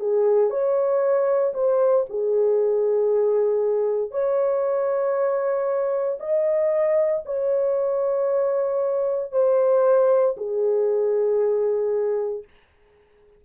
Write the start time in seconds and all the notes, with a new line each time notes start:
0.00 G#4
0.50 C#5
1.54 C5
2.10 G#4
4.11 C#5
6.20 D#5
7.26 C#5
9.32 C5
10.37 G#4